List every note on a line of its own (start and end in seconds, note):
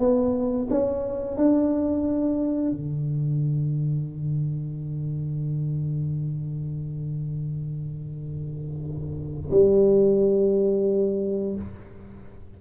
0.00 0.68 B3
0.71 1.38 C#4
1.38 2.72 D4
2.72 9.51 D3
9.51 11.56 G3